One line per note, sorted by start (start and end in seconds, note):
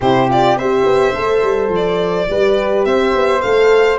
0.00 0.56 C3
0.00 0.29 E4
0.00 0.57 G4
0.00 0.30 C5
0.29 0.57 F4
0.29 0.58 D5
0.56 0.84 C4
0.56 1.14 G4
0.56 2.29 C5
0.56 1.72 E5
0.84 1.13 B3
1.14 1.43 A3
1.14 2.28 A4
1.43 1.68 G3
1.68 2.26 F3
1.75 2.85 D5
2.29 2.85 G3
2.29 3.41 G4
2.29 2.86 B4
2.85 3.14 C4
2.85 3.98 C5
2.85 3.41 E5
3.15 3.43 B3
3.41 3.98 A3
3.41 3.98 A4
3.41 3.98 F5